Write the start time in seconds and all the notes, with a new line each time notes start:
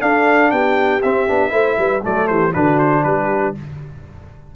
0.00 D4 A4 F5
0.51 B3 G4 G5
1.02 C4 E5
1.28 B3 D4
1.50 A3 E4 C5
1.78 G3 B4
2.03 F#3 A3 A4 D5
2.28 E3 G4 C5
2.53 D3 D4 F#4 B4
2.79 C5
3.04 G3 G4 B4